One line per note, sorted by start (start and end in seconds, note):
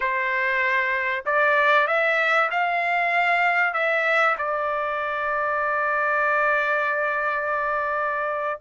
0.00 1.24 C5
1.25 1.87 D5
1.87 2.49 E5
2.50 3.73 F5
3.73 4.36 E5
4.38 8.60 D5